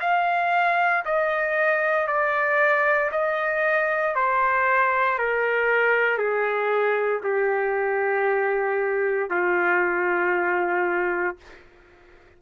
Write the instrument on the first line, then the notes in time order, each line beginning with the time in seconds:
trumpet
0.00 F5
1.05 D#5
2.07 D5
3.11 D#5
4.15 C5
5.18 A#4
6.17 G#4
7.23 G4
9.30 F4